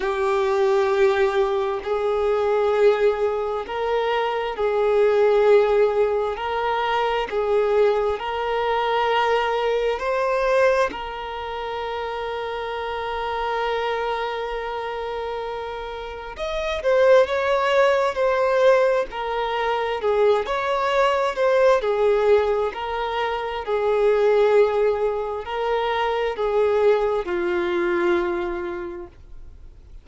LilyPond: \new Staff \with { instrumentName = "violin" } { \time 4/4 \tempo 4 = 66 g'2 gis'2 | ais'4 gis'2 ais'4 | gis'4 ais'2 c''4 | ais'1~ |
ais'2 dis''8 c''8 cis''4 | c''4 ais'4 gis'8 cis''4 c''8 | gis'4 ais'4 gis'2 | ais'4 gis'4 f'2 | }